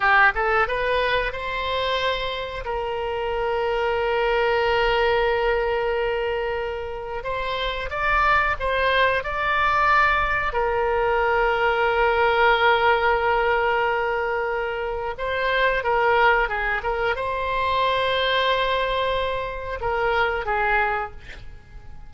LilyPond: \new Staff \with { instrumentName = "oboe" } { \time 4/4 \tempo 4 = 91 g'8 a'8 b'4 c''2 | ais'1~ | ais'2. c''4 | d''4 c''4 d''2 |
ais'1~ | ais'2. c''4 | ais'4 gis'8 ais'8 c''2~ | c''2 ais'4 gis'4 | }